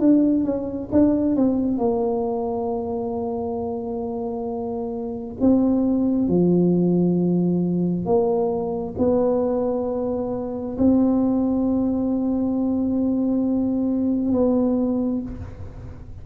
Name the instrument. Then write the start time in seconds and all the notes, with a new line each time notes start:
tuba
0.00 D4
0.45 C#4
0.92 D4
1.36 C4
1.78 A#3
5.41 C4
6.28 F3
8.06 A#3
8.98 B3
10.78 C4
14.32 B3